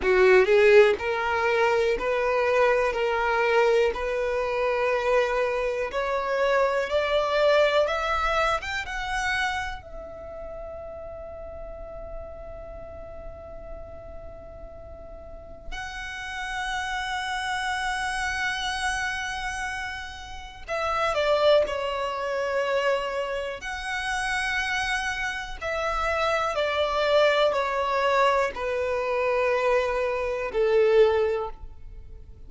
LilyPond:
\new Staff \with { instrumentName = "violin" } { \time 4/4 \tempo 4 = 61 fis'8 gis'8 ais'4 b'4 ais'4 | b'2 cis''4 d''4 | e''8. g''16 fis''4 e''2~ | e''1 |
fis''1~ | fis''4 e''8 d''8 cis''2 | fis''2 e''4 d''4 | cis''4 b'2 a'4 | }